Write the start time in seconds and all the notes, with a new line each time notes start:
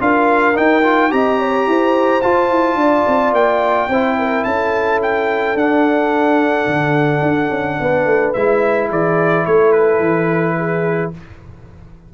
0.00 D4 F4 A#4 F5
0.54 D#4 G5
0.83 F4
1.10 C4 G4 D#5 A#5
1.39 C#5
1.67 E4 C5
2.22 F4 A5
2.50 E4
2.75 D4 D5
3.07 C4
3.32 A#3 G5
3.88 C4 E4 C5
4.18 A#4
4.44 C#4 A4 A5
5.02 G5
5.55 D4 F#5
6.67 D3
7.22 D4
7.50 C#4
7.80 B3 B4
8.05 A3
8.33 G#3 E4 E5
8.90 E3 G#4 D5
9.45 A3 A4 C#5
9.72 B4
10.00 E3
10.57 G#4